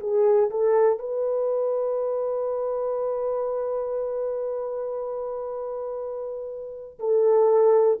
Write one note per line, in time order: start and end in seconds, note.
0.00 0.50 G#4
0.50 0.98 A4
0.98 6.98 B4
6.99 7.99 A4